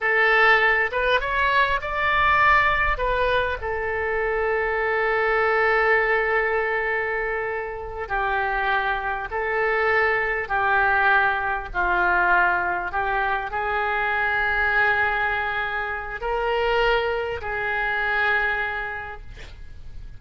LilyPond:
\new Staff \with { instrumentName = "oboe" } { \time 4/4 \tempo 4 = 100 a'4. b'8 cis''4 d''4~ | d''4 b'4 a'2~ | a'1~ | a'4. g'2 a'8~ |
a'4. g'2 f'8~ | f'4. g'4 gis'4.~ | gis'2. ais'4~ | ais'4 gis'2. | }